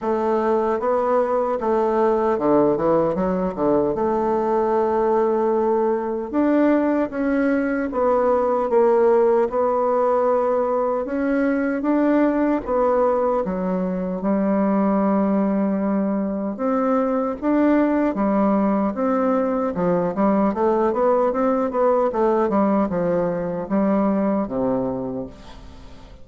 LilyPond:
\new Staff \with { instrumentName = "bassoon" } { \time 4/4 \tempo 4 = 76 a4 b4 a4 d8 e8 | fis8 d8 a2. | d'4 cis'4 b4 ais4 | b2 cis'4 d'4 |
b4 fis4 g2~ | g4 c'4 d'4 g4 | c'4 f8 g8 a8 b8 c'8 b8 | a8 g8 f4 g4 c4 | }